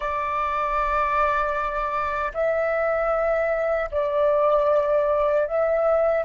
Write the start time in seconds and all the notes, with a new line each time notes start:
0.00 D5
2.33 E5
3.91 D5
5.47 E5